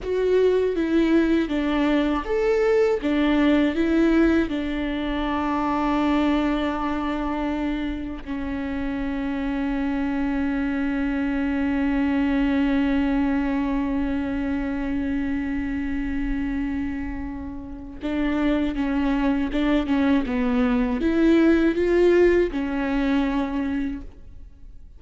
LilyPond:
\new Staff \with { instrumentName = "viola" } { \time 4/4 \tempo 4 = 80 fis'4 e'4 d'4 a'4 | d'4 e'4 d'2~ | d'2. cis'4~ | cis'1~ |
cis'1~ | cis'1 | d'4 cis'4 d'8 cis'8 b4 | e'4 f'4 cis'2 | }